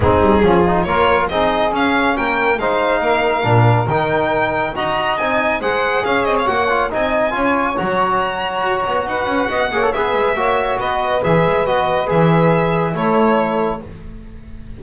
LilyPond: <<
  \new Staff \with { instrumentName = "violin" } { \time 4/4 \tempo 4 = 139 gis'2 cis''4 dis''4 | f''4 g''4 f''2~ | f''4 g''2 ais''4 | gis''4 fis''4 f''8 dis''16 f''16 fis''4 |
gis''2 ais''2~ | ais''4 fis''2 e''4~ | e''4 dis''4 e''4 dis''4 | e''2 cis''2 | }
  \new Staff \with { instrumentName = "saxophone" } { \time 4/4 dis'4 f'4 ais'4 gis'4~ | gis'4 ais'4 c''4 ais'4~ | ais'2. dis''4~ | dis''4 c''4 cis''2 |
dis''4 cis''2.~ | cis''4 b'4 dis''8 cis''8 b'4 | cis''4 b'2.~ | b'2 a'2 | }
  \new Staff \with { instrumentName = "trombone" } { \time 4/4 c'4 cis'8 dis'8 f'4 dis'4 | cis'2 dis'2 | d'4 dis'2 fis'4 | dis'4 gis'2 fis'8 f'8 |
dis'4 f'4 fis'2~ | fis'2~ fis'8 gis'16 a'16 gis'4 | fis'2 gis'4 fis'4 | gis'2 e'2 | }
  \new Staff \with { instrumentName = "double bass" } { \time 4/4 gis8 g8 f4 ais4 c'4 | cis'4 ais4 gis4 ais4 | ais,4 dis2 dis'4 | c'4 gis4 cis'8 c'8 ais4 |
c'4 cis'4 fis2 | fis'8 b8 dis'8 cis'8 b8 ais8 b8 gis8 | ais4 b4 e8 gis8 b4 | e2 a2 | }
>>